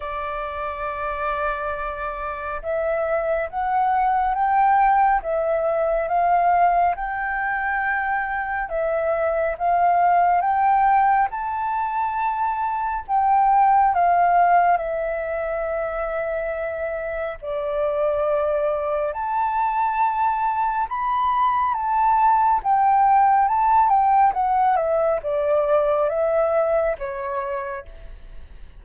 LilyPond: \new Staff \with { instrumentName = "flute" } { \time 4/4 \tempo 4 = 69 d''2. e''4 | fis''4 g''4 e''4 f''4 | g''2 e''4 f''4 | g''4 a''2 g''4 |
f''4 e''2. | d''2 a''2 | b''4 a''4 g''4 a''8 g''8 | fis''8 e''8 d''4 e''4 cis''4 | }